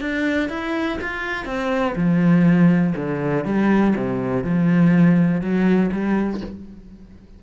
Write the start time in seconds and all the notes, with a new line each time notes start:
0.00 D4
0.49 E4
1.01 F4
1.45 C4
1.95 F3
2.96 D3
3.44 G3
3.96 C3
4.44 F3
5.41 F#3
5.92 G3